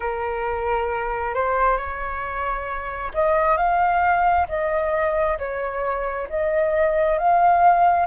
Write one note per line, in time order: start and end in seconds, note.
0.00 1.34 A#4
1.34 1.77 C5
1.77 3.11 C#5
3.13 3.57 D#5
3.57 4.47 F5
4.48 5.37 D#5
5.38 6.27 C#5
6.29 7.18 D#5
7.18 8.06 F5